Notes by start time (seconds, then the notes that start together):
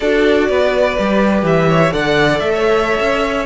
0.00 D4 F#4 A4 D5
0.48 B3 B4
0.99 G3 G4
1.43 E3 E5
1.69 C#5
1.91 D3 A4 D5 F#5
2.39 A3 E5
2.53 C#5
3.00 C#4